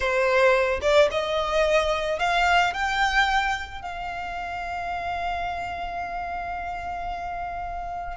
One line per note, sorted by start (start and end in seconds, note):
0.00 0.79 C5
0.81 1.09 D5
1.11 2.19 D#5
2.19 2.73 F5
2.73 3.81 G5
3.81 8.17 F5